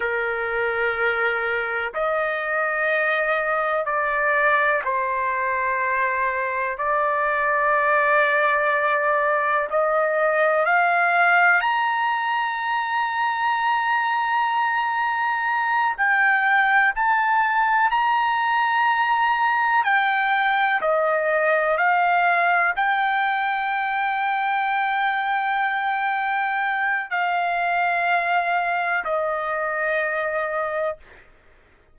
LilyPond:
\new Staff \with { instrumentName = "trumpet" } { \time 4/4 \tempo 4 = 62 ais'2 dis''2 | d''4 c''2 d''4~ | d''2 dis''4 f''4 | ais''1~ |
ais''8 g''4 a''4 ais''4.~ | ais''8 g''4 dis''4 f''4 g''8~ | g''1 | f''2 dis''2 | }